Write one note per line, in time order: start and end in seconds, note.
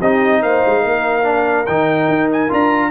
0.00 0.43 C4
0.00 1.24 D#4
0.00 0.42 G4
0.00 0.43 D#5
0.43 0.64 A#3
0.43 0.82 C5
0.43 1.66 F5
0.66 0.84 G#3
0.82 1.68 A#3
0.82 2.90 A#4
1.24 1.66 D4
1.66 2.09 D#3
1.66 2.50 D#4
1.66 2.29 G5
2.09 2.51 D#4
2.32 2.53 G#5
2.50 2.91 D4
2.50 2.91 F4
2.50 2.91 A#5